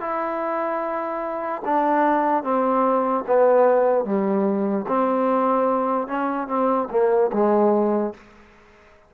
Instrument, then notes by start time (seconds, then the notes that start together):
trombone
0.00 E4
1.65 D4
2.43 C4
3.27 B3
4.04 G3
4.88 C4
6.07 C#4
6.48 C4
6.90 A#3
7.33 G#3